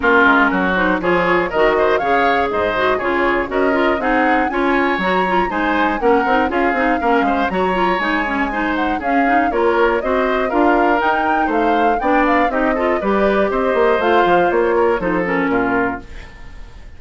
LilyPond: <<
  \new Staff \with { instrumentName = "flute" } { \time 4/4 \tempo 4 = 120 ais'4. c''8 cis''4 dis''4 | f''4 dis''4 cis''4 dis''4 | fis''4 gis''4 ais''4 gis''4 | fis''4 f''2 ais''4 |
gis''4. fis''8 f''4 cis''4 | dis''4 f''4 g''4 f''4 | g''8 f''8 dis''4 d''4 dis''4 | f''4 cis''4 c''8 ais'4. | }
  \new Staff \with { instrumentName = "oboe" } { \time 4/4 f'4 fis'4 gis'4 ais'8 c''8 | cis''4 c''4 gis'4 ais'4 | gis'4 cis''2 c''4 | ais'4 gis'4 ais'8 c''8 cis''4~ |
cis''4 c''4 gis'4 ais'4 | c''4 ais'2 c''4 | d''4 g'8 a'8 b'4 c''4~ | c''4. ais'8 a'4 f'4 | }
  \new Staff \with { instrumentName = "clarinet" } { \time 4/4 cis'4. dis'8 f'4 fis'4 | gis'4. fis'8 f'4 fis'8 f'8 | dis'4 f'4 fis'8 f'8 dis'4 | cis'8 dis'8 f'8 dis'8 cis'4 fis'8 f'8 |
dis'8 cis'8 dis'4 cis'8 dis'8 f'4 | fis'4 f'4 dis'2 | d'4 dis'8 f'8 g'2 | f'2 dis'8 cis'4. | }
  \new Staff \with { instrumentName = "bassoon" } { \time 4/4 ais8 gis8 fis4 f4 dis4 | cis4 gis,4 cis4 cis'4 | c'4 cis'4 fis4 gis4 | ais8 c'8 cis'8 c'8 ais8 gis8 fis4 |
gis2 cis'4 ais4 | c'4 d'4 dis'4 a4 | b4 c'4 g4 c'8 ais8 | a8 f8 ais4 f4 ais,4 | }
>>